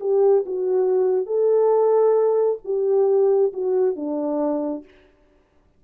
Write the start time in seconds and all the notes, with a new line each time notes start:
0.00 G4
0.45 F#4
1.26 A4
2.64 G4
3.53 F#4
3.95 D4